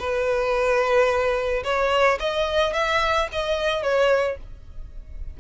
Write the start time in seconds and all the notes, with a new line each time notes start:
0.00 B4
1.64 C#5
2.20 D#5
2.74 E5
3.32 D#5
3.83 C#5